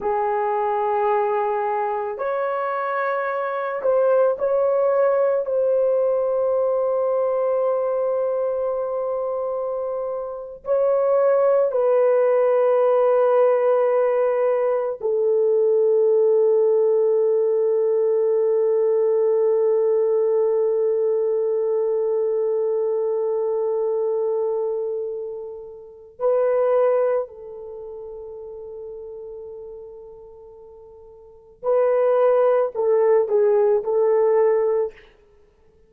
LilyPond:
\new Staff \with { instrumentName = "horn" } { \time 4/4 \tempo 4 = 55 gis'2 cis''4. c''8 | cis''4 c''2.~ | c''4.~ c''16 cis''4 b'4~ b'16~ | b'4.~ b'16 a'2~ a'16~ |
a'1~ | a'1 | b'4 a'2.~ | a'4 b'4 a'8 gis'8 a'4 | }